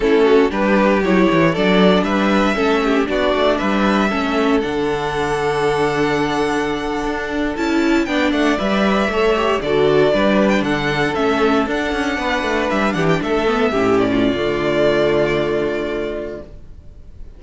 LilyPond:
<<
  \new Staff \with { instrumentName = "violin" } { \time 4/4 \tempo 4 = 117 a'4 b'4 cis''4 d''4 | e''2 d''4 e''4~ | e''4 fis''2.~ | fis''2~ fis''8. a''4 g''16~ |
g''16 fis''8 e''2 d''4~ d''16~ | d''8 g''16 fis''4 e''4 fis''4~ fis''16~ | fis''8. e''8 fis''16 g''16 e''4. d''8.~ | d''1 | }
  \new Staff \with { instrumentName = "violin" } { \time 4/4 e'8 fis'8 g'2 a'4 | b'4 a'8 g'8 fis'4 b'4 | a'1~ | a'2.~ a'8. d''16~ |
d''4.~ d''16 cis''4 a'4 b'16~ | b'8. a'2. b'16~ | b'4~ b'16 g'8 a'4 g'8. f'8~ | f'1 | }
  \new Staff \with { instrumentName = "viola" } { \time 4/4 cis'4 d'4 e'4 d'4~ | d'4 cis'4 d'2 | cis'4 d'2.~ | d'2~ d'8. e'4 d'16~ |
d'8. b'4 a'8 g'8 fis'4 d'16~ | d'4.~ d'16 cis'4 d'4~ d'16~ | d'2~ d'16 b8 cis'4~ cis'16 | a1 | }
  \new Staff \with { instrumentName = "cello" } { \time 4/4 a4 g4 fis8 e8 fis4 | g4 a4 b8 a8 g4 | a4 d2.~ | d4.~ d16 d'4 cis'4 b16~ |
b16 a8 g4 a4 d4 g16~ | g8. d4 a4 d'8 cis'8 b16~ | b16 a8 g8 e8 a4 a,4~ a,16 | d1 | }
>>